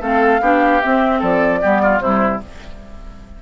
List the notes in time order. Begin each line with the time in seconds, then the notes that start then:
0.00 A3 C4 A4 F5
0.40 B3 D4 G4
0.81 C4 E5
1.18 F3 A4 D5
1.61 G3 B3 G4
1.82 F4
1.99 C3 G3 E4 C5